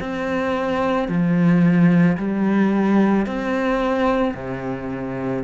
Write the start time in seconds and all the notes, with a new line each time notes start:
0.00 C4
1.09 F3
2.18 G3
3.27 C4
4.35 C3